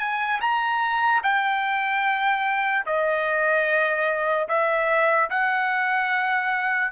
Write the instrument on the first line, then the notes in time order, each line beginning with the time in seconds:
trumpet
0.00 G#5
0.41 A#5
1.24 G5
2.86 D#5
4.49 E5
5.31 F#5